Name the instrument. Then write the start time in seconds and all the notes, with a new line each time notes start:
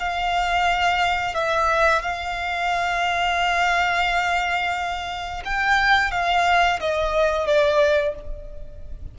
violin
0.00 F5
1.35 E5
2.02 F5
5.45 G5
6.12 F5
6.81 D#5
7.47 D5